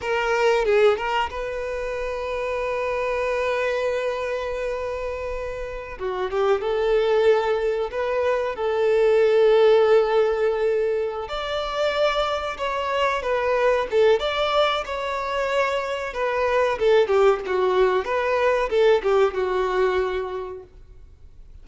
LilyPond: \new Staff \with { instrumentName = "violin" } { \time 4/4 \tempo 4 = 93 ais'4 gis'8 ais'8 b'2~ | b'1~ | b'4~ b'16 fis'8 g'8 a'4.~ a'16~ | a'16 b'4 a'2~ a'8.~ |
a'4. d''2 cis''8~ | cis''8 b'4 a'8 d''4 cis''4~ | cis''4 b'4 a'8 g'8 fis'4 | b'4 a'8 g'8 fis'2 | }